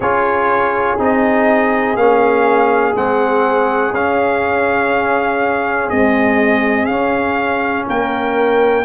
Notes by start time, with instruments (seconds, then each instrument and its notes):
0.00 tuba C#4, trombone F4, horn G#4, trumpet C#5
0.98 tuba C4, trombone D#4, trumpet D#5
1.95 tuba A#3, trombone C#4, trumpet F5
2.94 tuba G#3, trombone C4, trumpet F#5
3.93 tuba C#4, trombone C#4, trumpet F5
5.89 trombone G#3, tuba C4, trumpet D#5
6.85 tuba C#4, trombone C#4, trumpet F5
7.87 tuba A#3, horn A#4, trumpet G5